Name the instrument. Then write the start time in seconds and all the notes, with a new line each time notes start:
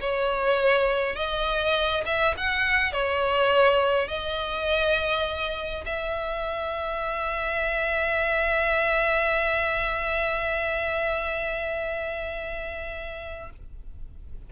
violin
0.00 C#5
1.16 D#5
2.05 E5
2.37 F#5
2.92 C#5
4.08 D#5
5.85 E5